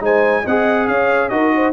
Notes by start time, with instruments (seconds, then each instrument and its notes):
0.00 tuba G#3, trombone D#4, horn C5, trumpet G#5
0.41 tuba C4, horn D#5, trumpet F#5
0.48 trombone G#4
0.87 tuba C#4, horn C#5, trumpet F5
1.29 tuba D#4, trombone F#4, horn A#4, trumpet D#5
1.56 horn C5